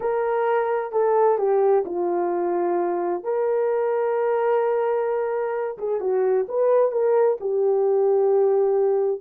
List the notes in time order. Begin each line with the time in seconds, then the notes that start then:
0.00 A#4
0.92 A4
1.38 G4
1.85 F4
3.23 A#4
5.78 G#4
6.00 F#4
6.48 B4
6.91 A#4
7.40 G4